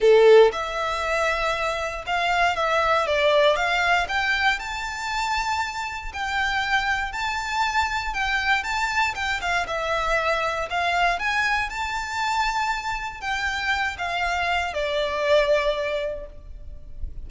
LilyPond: \new Staff \with { instrumentName = "violin" } { \time 4/4 \tempo 4 = 118 a'4 e''2. | f''4 e''4 d''4 f''4 | g''4 a''2. | g''2 a''2 |
g''4 a''4 g''8 f''8 e''4~ | e''4 f''4 gis''4 a''4~ | a''2 g''4. f''8~ | f''4 d''2. | }